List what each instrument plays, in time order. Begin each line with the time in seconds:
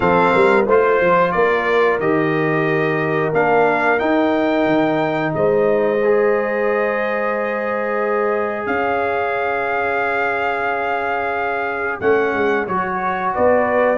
0.00 tuba F3, trombone C4, horn A4, trumpet F5
0.32 tuba G3, horn A#4
0.65 tuba A3, trombone F4, horn C5, trumpet C5
1.00 tuba F3
1.31 tuba A#3, horn A#4, trumpet D5
1.99 tuba D#3, trombone G4, trumpet D#5
3.33 tuba A#3, trombone D4, trumpet F5
3.98 trombone D#4, tuba D#4, trumpet G5
4.66 tuba D#3
5.34 tuba G#3, horn C5, trumpet D#5
6.04 trombone G#4
8.66 tuba C#4, horn C#5, trumpet F5
12.00 tuba A3, trombone C#4, trumpet F#5
12.33 tuba G#3
12.67 tuba F#3, trombone F#4, trumpet C#5
13.34 tuba B3, horn B4, trumpet D5